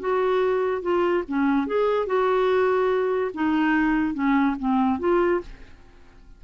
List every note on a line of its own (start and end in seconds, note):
0.00 0.82 F#4
0.82 1.24 F4
1.28 1.67 C#4
1.67 2.06 G#4
2.06 3.31 F#4
3.34 4.14 D#4
4.14 4.56 C#4
4.59 4.99 C4
4.99 5.41 F4